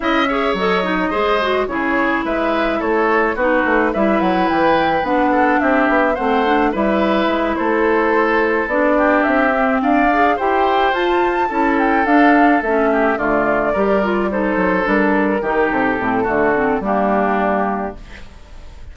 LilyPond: <<
  \new Staff \with { instrumentName = "flute" } { \time 4/4 \tempo 4 = 107 e''4 dis''2 cis''4 | e''4 cis''4 b'4 e''8 fis''8 | g''4 fis''4 e''4 fis''4 | e''4. c''2 d''8~ |
d''8 e''4 f''4 g''4 a''8~ | a''4 g''8 f''4 e''4 d''8~ | d''4. c''4 ais'4. | a'2 g'2 | }
  \new Staff \with { instrumentName = "oboe" } { \time 4/4 dis''8 cis''4. c''4 gis'4 | b'4 a'4 fis'4 b'4~ | b'4. a'8 g'4 c''4 | b'4. a'2~ a'8 |
g'4. d''4 c''4.~ | c''8 a'2~ a'8 g'8 f'8~ | f'8 ais'4 a'2 g'8~ | g'4 fis'4 d'2 | }
  \new Staff \with { instrumentName = "clarinet" } { \time 4/4 e'8 gis'8 a'8 dis'8 gis'8 fis'8 e'4~ | e'2 dis'4 e'4~ | e'4 d'2 c'8 d'8 | e'2.~ e'8 d'8~ |
d'4 c'4 gis'8 g'4 f'8~ | f'8 e'4 d'4 cis'4 a8~ | a8 g'8 f'8 dis'4 d'4 dis'8~ | dis'8 c'8 a8 c'8 ais2 | }
  \new Staff \with { instrumentName = "bassoon" } { \time 4/4 cis'4 fis4 gis4 cis4 | gis4 a4 b8 a8 g8 fis8 | e4 b4 c'8 b8 a4 | g4 gis8 a2 b8~ |
b8 c'4 d'4 e'4 f'8~ | f'8 cis'4 d'4 a4 d8~ | d8 g4. fis8 g4 dis8 | c8 a,8 d4 g2 | }
>>